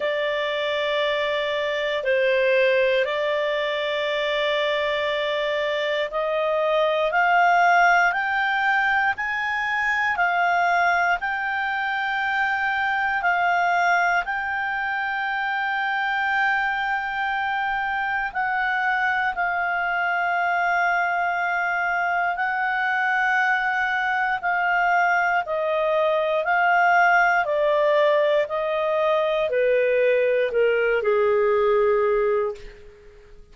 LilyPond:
\new Staff \with { instrumentName = "clarinet" } { \time 4/4 \tempo 4 = 59 d''2 c''4 d''4~ | d''2 dis''4 f''4 | g''4 gis''4 f''4 g''4~ | g''4 f''4 g''2~ |
g''2 fis''4 f''4~ | f''2 fis''2 | f''4 dis''4 f''4 d''4 | dis''4 b'4 ais'8 gis'4. | }